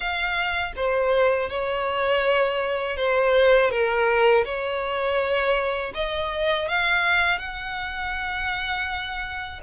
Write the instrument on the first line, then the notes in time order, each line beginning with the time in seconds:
violin
0.00 F5
0.75 C5
1.49 C#5
2.96 C5
3.70 A#4
4.44 C#5
5.94 D#5
6.68 F5
7.38 F#5